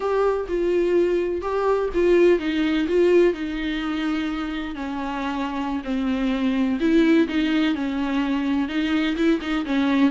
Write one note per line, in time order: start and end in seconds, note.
0.00 0.47 G4
0.48 1.41 F4
1.41 1.89 G4
1.94 2.39 F4
2.39 2.87 D#4
2.88 3.33 F4
3.33 4.75 D#4
4.75 5.82 C#4
5.84 6.79 C4
6.80 7.27 E4
7.27 7.74 D#4
7.74 8.68 C#4
8.68 9.16 D#4
9.16 9.40 E4
9.41 9.65 D#4
9.65 10.11 C#4